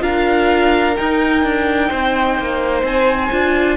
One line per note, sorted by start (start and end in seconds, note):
0.00 0.96 D4
0.00 0.94 F4
0.00 1.89 A#4
0.00 0.96 F5
0.97 3.32 D#4
0.97 1.44 D#4
0.97 2.84 G5
1.44 1.91 D4
1.89 2.39 C4
1.89 3.77 C5
2.39 2.83 A#3
2.83 3.30 C4
2.83 3.77 G#5
3.32 3.77 D4
3.32 3.77 F4